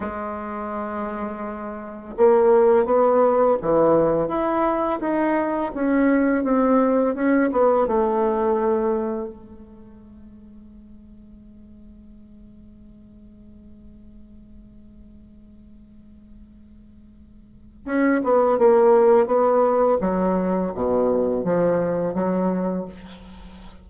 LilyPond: \new Staff \with { instrumentName = "bassoon" } { \time 4/4 \tempo 4 = 84 gis2. ais4 | b4 e4 e'4 dis'4 | cis'4 c'4 cis'8 b8 a4~ | a4 gis2.~ |
gis1~ | gis1~ | gis4 cis'8 b8 ais4 b4 | fis4 b,4 f4 fis4 | }